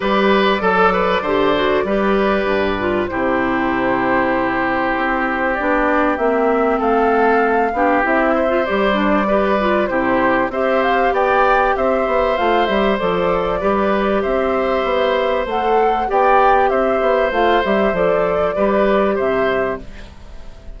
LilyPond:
<<
  \new Staff \with { instrumentName = "flute" } { \time 4/4 \tempo 4 = 97 d''1~ | d''4 c''2.~ | c''4 d''4 e''4 f''4~ | f''4 e''4 d''2 |
c''4 e''8 f''8 g''4 e''4 | f''8 e''8 d''2 e''4~ | e''4 fis''4 g''4 e''4 | f''8 e''8 d''2 e''4 | }
  \new Staff \with { instrumentName = "oboe" } { \time 4/4 b'4 a'8 b'8 c''4 b'4~ | b'4 g'2.~ | g'2. a'4~ | a'8 g'4 c''4. b'4 |
g'4 c''4 d''4 c''4~ | c''2 b'4 c''4~ | c''2 d''4 c''4~ | c''2 b'4 c''4 | }
  \new Staff \with { instrumentName = "clarinet" } { \time 4/4 g'4 a'4 g'8 fis'8 g'4~ | g'8 f'8 e'2.~ | e'4 d'4 c'2~ | c'8 d'8 e'8. f'16 g'8 d'8 g'8 f'8 |
e'4 g'2. | f'8 g'8 a'4 g'2~ | g'4 a'4 g'2 | f'8 g'8 a'4 g'2 | }
  \new Staff \with { instrumentName = "bassoon" } { \time 4/4 g4 fis4 d4 g4 | g,4 c2. | c'4 b4 ais4 a4~ | a8 b8 c'4 g2 |
c4 c'4 b4 c'8 b8 | a8 g8 f4 g4 c'4 | b4 a4 b4 c'8 b8 | a8 g8 f4 g4 c4 | }
>>